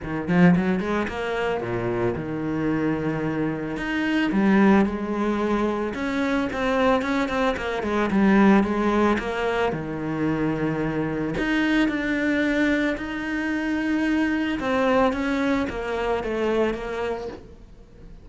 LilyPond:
\new Staff \with { instrumentName = "cello" } { \time 4/4 \tempo 4 = 111 dis8 f8 fis8 gis8 ais4 ais,4 | dis2. dis'4 | g4 gis2 cis'4 | c'4 cis'8 c'8 ais8 gis8 g4 |
gis4 ais4 dis2~ | dis4 dis'4 d'2 | dis'2. c'4 | cis'4 ais4 a4 ais4 | }